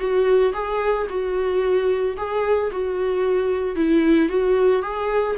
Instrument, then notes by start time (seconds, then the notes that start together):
viola
0.00 F#4
0.54 G#4
1.10 F#4
2.17 G#4
2.72 F#4
3.76 E4
4.30 F#4
4.83 G#4